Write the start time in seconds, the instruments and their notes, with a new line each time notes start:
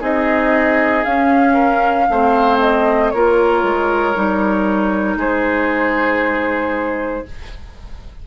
0.00 bassoon C4, clarinet D#4, oboe G#4, flute D#5
1.04 bassoon C#4, clarinet C#4, flute F5
1.53 oboe A#4
2.09 bassoon A3, clarinet C4, oboe C5
2.59 flute D#5
3.10 bassoon A#3, clarinet F4, oboe A#4, flute C#5
3.62 bassoon G#3
4.15 bassoon G3, clarinet D#4
5.16 bassoon G#3, oboe G#4, flute C5